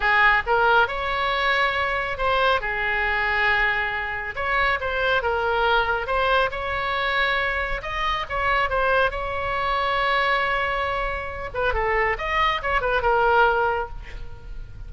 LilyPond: \new Staff \with { instrumentName = "oboe" } { \time 4/4 \tempo 4 = 138 gis'4 ais'4 cis''2~ | cis''4 c''4 gis'2~ | gis'2 cis''4 c''4 | ais'2 c''4 cis''4~ |
cis''2 dis''4 cis''4 | c''4 cis''2.~ | cis''2~ cis''8 b'8 a'4 | dis''4 cis''8 b'8 ais'2 | }